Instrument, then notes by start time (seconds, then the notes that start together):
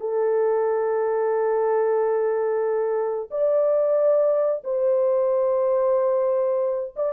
horn
0.00 A4
3.31 D5
4.64 C5
6.96 D5